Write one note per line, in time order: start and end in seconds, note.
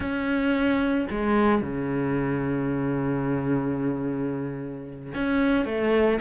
0.00 1.07 C#4
1.10 1.61 G#3
1.61 5.13 C#3
5.14 5.65 C#4
5.65 6.19 A3